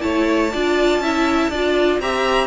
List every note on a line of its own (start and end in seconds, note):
0.00 0.53 A3
0.00 0.50 E4
0.00 0.52 C#5
0.00 1.99 A5
0.52 0.98 D4
0.52 1.03 F4
0.52 1.02 D5
0.98 1.48 C#4
0.98 1.52 E4
0.98 1.51 E5
1.49 1.99 D4
1.49 2.01 F4
1.49 2.00 D5
1.99 2.47 C4
1.99 2.47 G4
1.99 2.47 E5
1.99 2.47 A#5